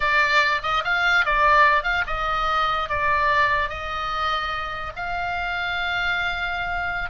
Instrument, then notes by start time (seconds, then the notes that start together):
oboe
0.00 D5
0.62 D#5
0.84 F5
1.25 D5
1.83 F5
2.06 D#5
2.89 D5
3.69 D#5
4.96 F5